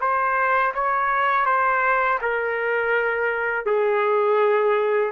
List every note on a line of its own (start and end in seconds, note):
0.00 0.73 C5
0.74 1.46 C#5
1.46 2.19 C5
2.22 3.66 A#4
3.66 5.12 G#4